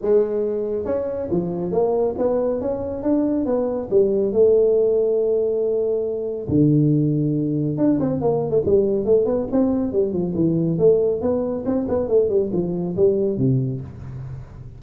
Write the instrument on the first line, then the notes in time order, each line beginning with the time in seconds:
tuba
0.01 G#3
0.85 C#4
1.30 F3
1.71 A#3
2.18 B3
2.60 C#4
3.02 D4
3.45 B3
3.90 G3
4.32 A3
6.48 D3
7.77 D4
8.00 C4
8.21 A#3
8.50 A3
8.65 G3
9.05 A3
9.25 B3
9.51 C4
9.92 G3
10.12 F3
10.35 E3
10.78 A3
11.21 B3
11.65 C4
11.88 B3
12.08 A3
12.29 G3
12.52 F3
12.96 G3
13.37 C3